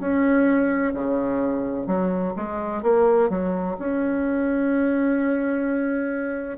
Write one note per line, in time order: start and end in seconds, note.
0.00 0.94 C#4
0.94 1.87 C#3
1.87 2.34 F#3
2.37 2.83 G#3
2.83 3.29 A#3
3.29 3.76 F#3
3.79 6.58 C#4